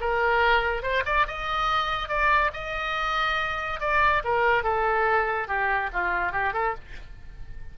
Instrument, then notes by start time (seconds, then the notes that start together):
oboe
0.00 A#4
0.82 C5
1.05 D5
1.27 D#5
2.08 D5
2.53 D#5
3.80 D5
4.24 A#4
4.63 A4
5.47 G4
5.93 F4
6.32 G4
6.53 A4